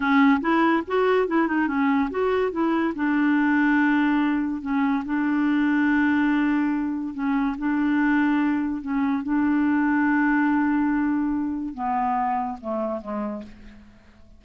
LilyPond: \new Staff \with { instrumentName = "clarinet" } { \time 4/4 \tempo 4 = 143 cis'4 e'4 fis'4 e'8 dis'8 | cis'4 fis'4 e'4 d'4~ | d'2. cis'4 | d'1~ |
d'4 cis'4 d'2~ | d'4 cis'4 d'2~ | d'1 | b2 a4 gis4 | }